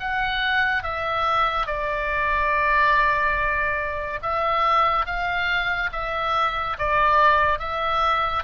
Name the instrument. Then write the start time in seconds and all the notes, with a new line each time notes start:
oboe
0.00 F#5
0.84 E5
1.67 D5
4.23 E5
5.06 F5
5.93 E5
6.79 D5
7.59 E5